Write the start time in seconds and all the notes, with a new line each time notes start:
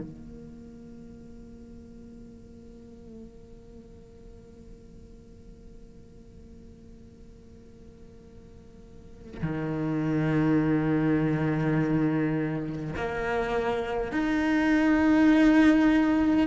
0.00 A#3
9.42 D#3
12.96 A#3
14.12 D#4